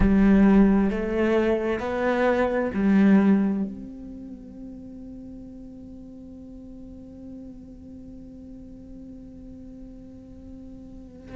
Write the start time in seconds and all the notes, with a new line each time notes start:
0.00 G3
0.90 A3
1.79 B3
2.74 G3
3.64 C4